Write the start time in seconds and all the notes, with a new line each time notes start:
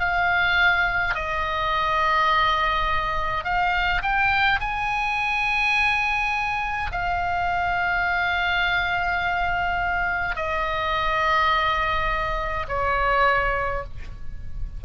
0.00 F5
1.15 D#5
3.45 F5
4.03 G5
4.61 G#5
6.92 F5
10.36 D#5
12.69 C#5